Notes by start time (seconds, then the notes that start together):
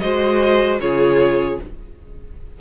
0.00 G#3 F#4 C5 D#5
0.80 C#3 F4 G#4 C#5